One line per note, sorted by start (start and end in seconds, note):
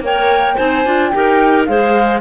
0.00 0.55 A#3
0.00 0.57 A#4
0.00 0.55 C#5
0.00 0.57 G5
0.55 0.86 C4
0.55 0.84 D#4
0.55 1.10 C5
0.55 1.09 G#5
0.85 1.13 D4
0.85 1.12 F4
1.09 1.68 D#4
1.09 1.67 G4
1.09 1.63 G5
1.16 1.69 A#4
1.66 2.21 G#3
1.66 2.21 G#4
1.66 2.21 C5
1.66 2.20 F5